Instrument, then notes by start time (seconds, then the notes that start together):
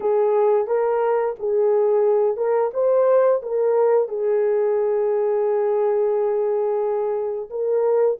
horn
0.00 G#4
0.67 A#4
1.39 G#4
2.36 A#4
2.73 C5
3.42 A#4
4.08 G#4
7.50 A#4